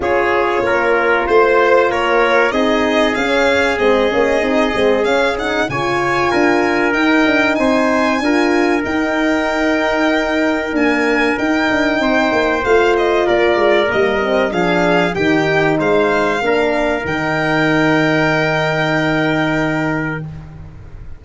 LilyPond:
<<
  \new Staff \with { instrumentName = "violin" } { \time 4/4 \tempo 4 = 95 cis''2 c''4 cis''4 | dis''4 f''4 dis''2 | f''8 fis''8 gis''2 g''4 | gis''2 g''2~ |
g''4 gis''4 g''2 | f''8 dis''8 d''4 dis''4 f''4 | g''4 f''2 g''4~ | g''1 | }
  \new Staff \with { instrumentName = "trumpet" } { \time 4/4 gis'4 ais'4 c''4 ais'4 | gis'1~ | gis'4 cis''4 ais'2 | c''4 ais'2.~ |
ais'2. c''4~ | c''4 ais'2 gis'4 | g'4 c''4 ais'2~ | ais'1 | }
  \new Staff \with { instrumentName = "horn" } { \time 4/4 f'1 | dis'4 cis'4 c'8 cis'8 dis'8 c'8 | cis'8 dis'8 f'2 dis'4~ | dis'4 f'4 dis'2~ |
dis'4 ais4 dis'2 | f'2 ais8 c'8 d'4 | dis'2 d'4 dis'4~ | dis'1 | }
  \new Staff \with { instrumentName = "tuba" } { \time 4/4 cis'4 ais4 a4 ais4 | c'4 cis'4 gis8 ais8 c'8 gis8 | cis'4 cis4 d'4 dis'8 d'8 | c'4 d'4 dis'2~ |
dis'4 d'4 dis'8 d'8 c'8 ais8 | a4 ais8 gis8 g4 f4 | dis4 gis4 ais4 dis4~ | dis1 | }
>>